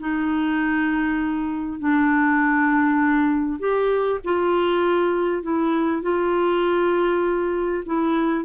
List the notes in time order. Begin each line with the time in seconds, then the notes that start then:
0.00 D#4
1.80 D4
3.60 G4
4.24 F4
5.42 E4
6.02 F4
7.86 E4